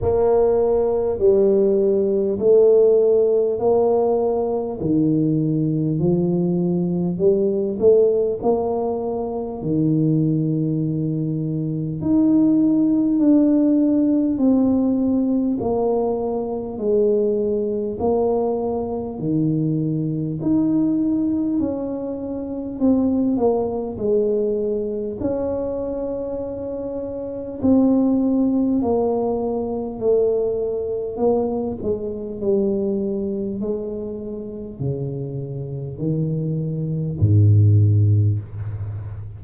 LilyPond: \new Staff \with { instrumentName = "tuba" } { \time 4/4 \tempo 4 = 50 ais4 g4 a4 ais4 | dis4 f4 g8 a8 ais4 | dis2 dis'4 d'4 | c'4 ais4 gis4 ais4 |
dis4 dis'4 cis'4 c'8 ais8 | gis4 cis'2 c'4 | ais4 a4 ais8 gis8 g4 | gis4 cis4 dis4 gis,4 | }